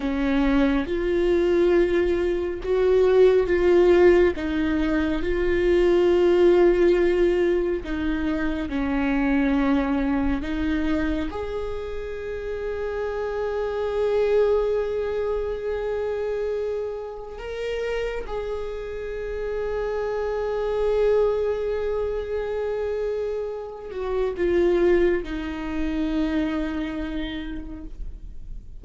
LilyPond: \new Staff \with { instrumentName = "viola" } { \time 4/4 \tempo 4 = 69 cis'4 f'2 fis'4 | f'4 dis'4 f'2~ | f'4 dis'4 cis'2 | dis'4 gis'2.~ |
gis'1 | ais'4 gis'2.~ | gis'2.~ gis'8 fis'8 | f'4 dis'2. | }